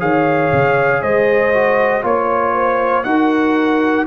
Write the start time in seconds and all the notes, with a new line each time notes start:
0.00 D#3 G#4 C#5 F5
0.53 C#3
1.02 G#3 C5 D#5
1.54 F#4
2.03 A#3 F4 C#5
2.53 C5
3.04 D#4 F#4 A#4 F#5